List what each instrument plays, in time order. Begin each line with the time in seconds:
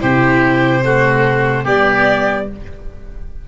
0.00 tuba C3, viola E4, oboe G4, violin C5
0.84 viola A3, oboe F#4
1.64 tuba G3, viola B3, oboe G4, violin D5